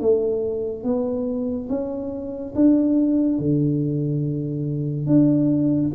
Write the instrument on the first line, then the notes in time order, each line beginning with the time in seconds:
tuba
0.00 A3
0.83 B3
1.69 C#4
2.55 D4
3.39 D3
5.06 D4